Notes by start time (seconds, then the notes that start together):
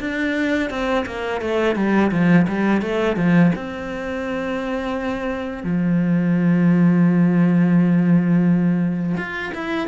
0.00 D4
0.70 C4
1.06 A#3
1.41 A3
1.76 G3
2.11 F3
2.47 G3
2.81 A3
3.16 F3
3.55 C4
5.63 F3
9.17 F4
9.55 E4